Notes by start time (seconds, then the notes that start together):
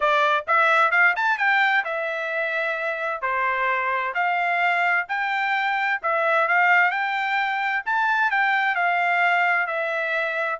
0.00 D5
0.47 E5
0.91 F5
1.16 A5
1.37 G5
1.84 E5
3.21 C5
4.14 F5
5.08 G5
6.02 E5
6.48 F5
6.91 G5
7.85 A5
8.31 G5
8.75 F5
9.67 E5